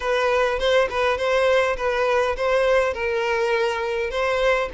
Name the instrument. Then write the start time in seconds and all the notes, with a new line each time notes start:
violin
0.00 B4
0.59 C5
0.90 B4
1.17 C5
1.76 B4
2.36 C5
2.93 A#4
4.10 C5